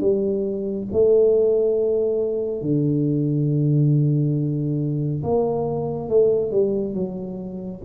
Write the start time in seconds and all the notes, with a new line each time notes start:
0.00 G3
0.92 A3
2.61 D3
5.23 A#3
6.08 A3
6.51 G3
6.94 F#3